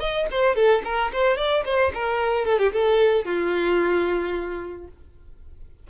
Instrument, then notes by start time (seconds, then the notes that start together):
violin
0.00 D#5
0.31 C5
0.55 A4
0.85 A#4
1.13 C5
1.37 D5
1.65 C5
1.94 A#4
2.46 A4
2.59 G4
2.72 A4
3.25 F4